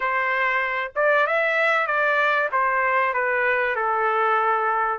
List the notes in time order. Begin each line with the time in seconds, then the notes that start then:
0.00 C5
0.95 D5
1.27 E5
1.86 D5
2.52 C5
3.13 B4
3.75 A4